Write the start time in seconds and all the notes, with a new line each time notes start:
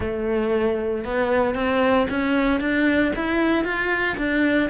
0.00 A3
1.04 B3
1.54 C4
2.09 C#4
2.60 D4
3.15 E4
3.64 F4
4.17 D4